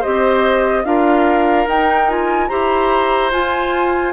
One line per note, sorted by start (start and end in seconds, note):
0.00 0.84 C4
0.00 0.84 G4
0.00 0.82 C5
0.00 0.85 D#5
0.84 1.66 D4
0.84 1.66 F4
0.84 2.49 A#4
0.84 1.67 F5
1.67 2.49 D#4
1.67 2.08 D#4
1.67 2.10 G5
2.08 2.49 F4
2.08 2.48 G#5
2.48 3.32 E4
2.48 3.32 G4
2.48 4.13 C5
2.48 3.30 A#5
3.32 4.13 F4
3.32 4.13 G#5